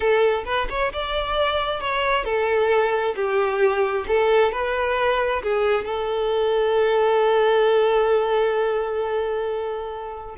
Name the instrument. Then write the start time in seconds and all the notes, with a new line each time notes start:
violin
0.00 A4
0.45 B4
0.69 C#5
0.92 D5
1.80 C#5
2.24 A4
3.15 G4
4.07 A4
4.52 B4
5.42 G#4
5.84 A4